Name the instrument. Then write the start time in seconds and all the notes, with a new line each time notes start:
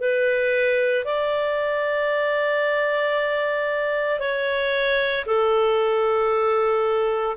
clarinet
0.00 B4
1.04 D5
4.19 C#5
5.26 A4